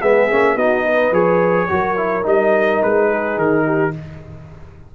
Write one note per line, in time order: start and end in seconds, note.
0.00 0.31 G#3
0.00 0.31 B3
0.00 0.56 G#4
0.00 0.57 E5
0.31 0.55 A#3
0.31 0.58 C#4
0.55 1.11 B3
0.55 1.13 D#4
0.55 0.83 F#4
0.55 1.13 D#5
0.83 1.67 B4
1.11 1.67 F3
1.11 1.68 G#4
1.11 2.26 C#5
1.68 2.26 F#3
1.68 1.96 F#4
1.68 3.08 A#4
1.96 2.23 E4
2.23 2.82 G3
2.23 3.91 D#4
2.23 2.82 D#5
2.82 3.37 G#3
2.82 3.38 B4
3.08 3.64 G#4
3.37 3.93 D#3
3.37 3.95 A#4
3.65 3.93 G4